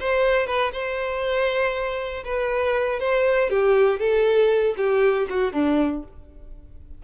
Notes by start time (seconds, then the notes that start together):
0.00 C5
0.47 B4
0.72 C5
2.25 B4
3.00 C5
3.50 G4
3.99 A4
4.77 G4
5.29 F#4
5.53 D4